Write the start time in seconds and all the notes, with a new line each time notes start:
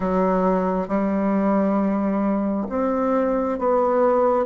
0.00 F#3
0.88 G3
2.69 C4
3.59 B3